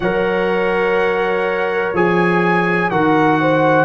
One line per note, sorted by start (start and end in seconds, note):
0.00 1.92 F#3
0.00 1.95 A#4
0.00 2.90 C#5
0.00 1.92 F#5
1.93 2.90 F3
1.93 2.91 G#4
1.93 2.90 G#5
2.90 3.84 D#3
2.90 3.84 F#4
2.90 3.39 A#4
2.90 3.84 F#5
3.41 3.84 C5